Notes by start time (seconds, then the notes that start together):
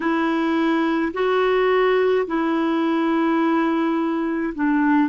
0.00 E4
1.13 F#4
2.26 E4
4.54 D4